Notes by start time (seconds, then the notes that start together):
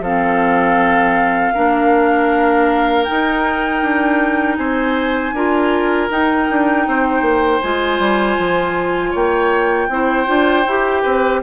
0.00 F3 C4 A4 F5
1.54 A#3 D4 A#4
3.04 D#4 G5
3.82 D4
4.57 C4 C5 G#5
5.33 D4 F4 A#4
6.10 D#4 G5
6.50 D4
6.87 C4 C5
7.21 A#3
7.61 G#3 F4 G#5
7.99 G3
8.38 F3
9.11 A#3 C#5 G5
9.89 C4 E4 C5
10.26 D4 F4
10.66 E4 G4
11.03 C4 B4